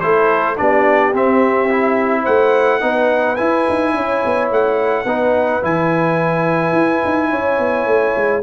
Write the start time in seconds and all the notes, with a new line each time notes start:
0.00 A3 E4 A4 C5
0.56 B3 D4 G4 D5
1.13 C4 E5
1.70 E4
2.22 A3 C5 F#5
2.80 B3 D#4 B4
3.36 E4 G#5
3.69 D#4
3.94 C#4 C#5
4.25 B3
4.51 A3 F#5
5.05 B3 D#4 B4
5.62 E3 E4 G#5
6.72 E4
7.05 D#4
7.29 C#4 C#5
7.58 B3
7.86 A3
8.15 G#3